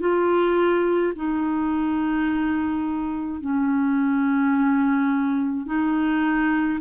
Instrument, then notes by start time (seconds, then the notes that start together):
clarinet
0.00 F4
1.15 D#4
3.41 C#4
5.66 D#4